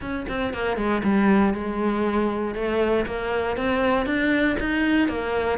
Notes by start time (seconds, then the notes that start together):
0.01 C#4
0.28 C4
0.53 A#3
0.76 G#3
1.03 G3
1.53 G#3
2.54 A3
3.05 A#3
3.57 C4
4.06 D4
4.59 D#4
5.08 A#3